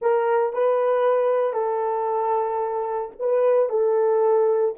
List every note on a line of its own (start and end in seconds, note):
0.01 0.53 A#4
0.53 1.53 B4
1.53 3.11 A4
3.19 3.69 B4
3.69 4.74 A4